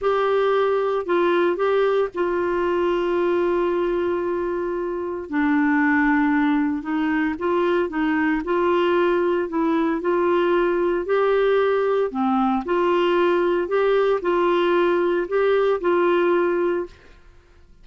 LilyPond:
\new Staff \with { instrumentName = "clarinet" } { \time 4/4 \tempo 4 = 114 g'2 f'4 g'4 | f'1~ | f'2 d'2~ | d'4 dis'4 f'4 dis'4 |
f'2 e'4 f'4~ | f'4 g'2 c'4 | f'2 g'4 f'4~ | f'4 g'4 f'2 | }